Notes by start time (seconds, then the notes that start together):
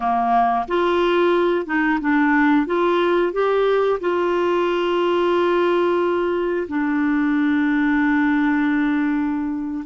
0.00 A#3
0.68 F4
1.65 D#4
2.00 D4
2.66 F4
3.32 G4
4.00 F4
6.68 D4